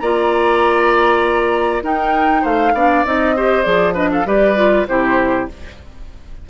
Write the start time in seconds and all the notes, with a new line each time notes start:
0.00 A#3 F4 D5 A#5
1.83 D#4 A#4 G5
2.42 A3 C5 F5
2.74 B3 D4 D5
3.05 C4 D#4 D#5
3.36 G4 C5
3.63 F3 G#4 D5
3.94 D4 B4 D#5
4.12 A4 F5
4.25 G3 G4 B4 D5
4.56 F4
4.88 C3 E4 G4 C5